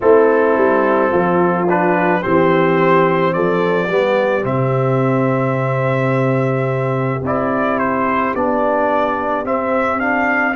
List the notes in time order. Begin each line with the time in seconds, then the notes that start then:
0.00 A3 C4 E4 A4
0.56 G3
1.09 F3 F4
1.68 D4 B4
2.22 E3 C4 G4 C5
3.33 F3 A4 D5
3.87 G3 B3 G4
4.41 C3 C4 E5
7.22 C4 E4 D5
7.78 C5
8.34 B3 D4 D5
9.44 C4 E5
9.99 D4 F5